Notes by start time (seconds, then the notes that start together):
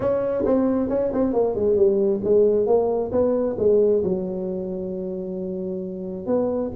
0.00 C#4
0.45 C4
0.89 C#4
1.13 C4
1.33 A#3
1.55 G#3
1.76 G3
2.23 G#3
2.66 A#3
3.11 B3
3.58 G#3
4.03 F#3
6.26 B3